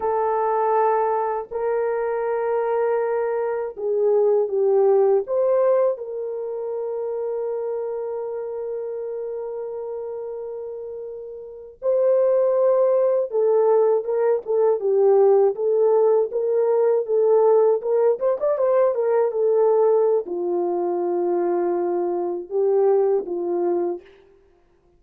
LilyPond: \new Staff \with { instrumentName = "horn" } { \time 4/4 \tempo 4 = 80 a'2 ais'2~ | ais'4 gis'4 g'4 c''4 | ais'1~ | ais'2.~ ais'8. c''16~ |
c''4.~ c''16 a'4 ais'8 a'8 g'16~ | g'8. a'4 ais'4 a'4 ais'16~ | ais'16 c''16 d''16 c''8 ais'8 a'4~ a'16 f'4~ | f'2 g'4 f'4 | }